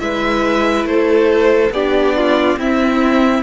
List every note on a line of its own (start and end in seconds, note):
0.00 0.85 G#3
0.00 1.72 E4
0.00 0.89 B4
0.00 0.86 E5
0.85 1.71 A3
0.85 1.74 A4
0.85 1.72 C5
1.71 2.56 B3
1.71 2.58 D4
1.71 2.17 G4
1.71 2.59 D5
2.17 2.59 F4
2.57 3.42 C4
2.57 3.43 C4
2.57 3.43 E4
2.57 3.43 E5